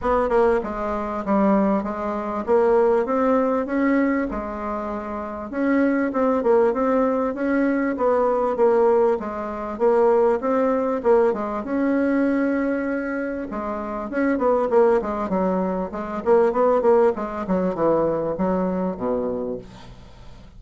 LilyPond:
\new Staff \with { instrumentName = "bassoon" } { \time 4/4 \tempo 4 = 98 b8 ais8 gis4 g4 gis4 | ais4 c'4 cis'4 gis4~ | gis4 cis'4 c'8 ais8 c'4 | cis'4 b4 ais4 gis4 |
ais4 c'4 ais8 gis8 cis'4~ | cis'2 gis4 cis'8 b8 | ais8 gis8 fis4 gis8 ais8 b8 ais8 | gis8 fis8 e4 fis4 b,4 | }